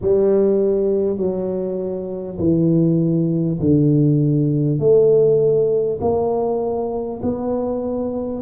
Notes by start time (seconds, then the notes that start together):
0.01 G3
1.17 F#3
2.38 E3
3.59 D3
4.79 A3
6.00 A#3
7.22 B3